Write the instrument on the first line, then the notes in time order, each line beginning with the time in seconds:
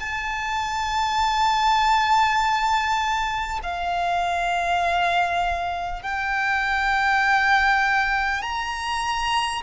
violin
0.00 A5
3.63 F5
6.03 G5
8.42 A#5